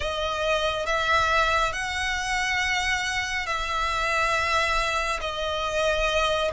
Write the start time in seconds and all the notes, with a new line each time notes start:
0.00 D#5
0.85 E5
1.72 F#5
3.46 E5
5.21 D#5